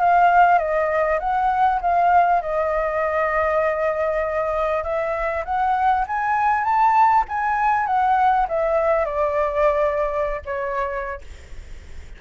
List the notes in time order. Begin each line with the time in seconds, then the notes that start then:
0.00 F5
0.59 D#5
1.20 F#5
1.81 F5
2.42 D#5
4.84 E5
5.45 F#5
6.07 G#5
6.64 A5
7.29 G#5
7.87 F#5
8.48 E5
9.05 D5
10.46 C#5